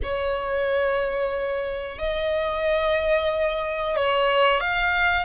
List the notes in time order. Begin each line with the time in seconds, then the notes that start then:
0.02 C#5
1.98 D#5
3.96 C#5
4.60 F5